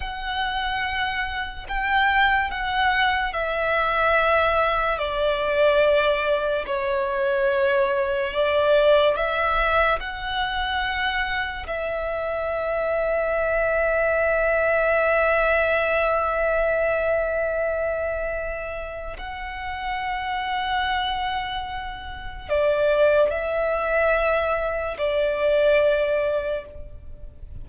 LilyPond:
\new Staff \with { instrumentName = "violin" } { \time 4/4 \tempo 4 = 72 fis''2 g''4 fis''4 | e''2 d''2 | cis''2 d''4 e''4 | fis''2 e''2~ |
e''1~ | e''2. fis''4~ | fis''2. d''4 | e''2 d''2 | }